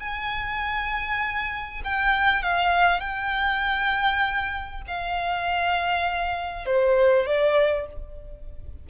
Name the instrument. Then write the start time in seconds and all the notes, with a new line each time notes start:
violin
0.00 G#5
1.84 G5
2.43 F5
3.00 G5
4.87 F5
6.66 C5
7.26 D5